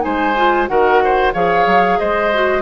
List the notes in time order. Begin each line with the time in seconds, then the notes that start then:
0.00 G#3 D#4 C5 G#5
0.37 F4
0.68 D#3 F#4 A#4 F#5
1.04 C5
1.34 F3 G#4 C#5 F5
1.66 F#3
1.99 G#3 C5 D#5
2.34 F#4